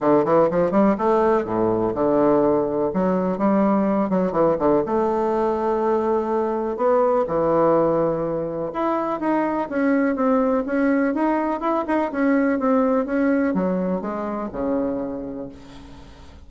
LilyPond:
\new Staff \with { instrumentName = "bassoon" } { \time 4/4 \tempo 4 = 124 d8 e8 f8 g8 a4 a,4 | d2 fis4 g4~ | g8 fis8 e8 d8 a2~ | a2 b4 e4~ |
e2 e'4 dis'4 | cis'4 c'4 cis'4 dis'4 | e'8 dis'8 cis'4 c'4 cis'4 | fis4 gis4 cis2 | }